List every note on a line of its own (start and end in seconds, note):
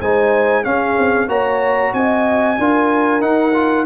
0.00 0.65 G#3
0.00 0.64 D#4
0.00 0.65 C5
0.00 0.64 G#5
0.64 1.28 C#4
0.64 0.98 C#4
0.64 1.28 G#4
0.64 1.29 F5
0.99 1.28 C4
1.28 1.92 A#3
1.28 2.57 F#4
1.28 1.93 C#5
1.28 1.94 A#5
1.93 2.58 C4
1.93 2.59 D#5
1.93 3.22 G#5
2.59 3.22 D4
2.59 3.20 F4
2.59 3.86 A#4
3.20 3.53 D#4
3.20 3.86 D#4
3.20 3.86 F#5
3.54 3.86 F4